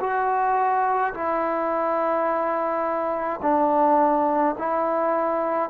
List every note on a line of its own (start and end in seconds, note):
0.00 1.13 F#4
1.14 3.40 E4
3.42 4.55 D4
4.58 5.70 E4